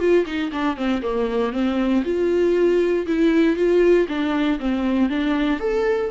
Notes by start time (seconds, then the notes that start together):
0.00 F4
0.26 D#4
0.53 D4
0.77 C4
1.03 A#3
1.53 C4
2.05 F4
3.07 E4
3.57 F4
4.09 D4
4.60 C4
5.10 D4
5.60 A4